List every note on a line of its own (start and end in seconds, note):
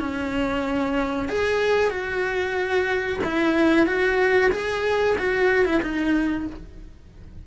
0.00 1.29 C#4
1.29 1.91 G#4
1.91 3.20 F#4
3.24 3.87 E4
3.87 4.51 F#4
4.52 5.16 G#4
5.18 5.65 F#4
5.65 5.82 E4
5.82 6.47 D#4